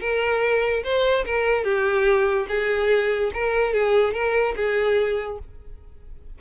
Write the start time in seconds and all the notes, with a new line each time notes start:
0.00 A#4
0.83 C5
1.25 A#4
1.64 G4
2.48 G#4
3.33 A#4
3.73 G#4
4.13 A#4
4.56 G#4